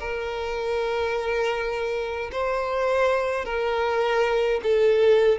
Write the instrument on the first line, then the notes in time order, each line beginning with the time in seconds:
violin
0.00 A#4
2.32 C5
3.45 A#4
4.64 A4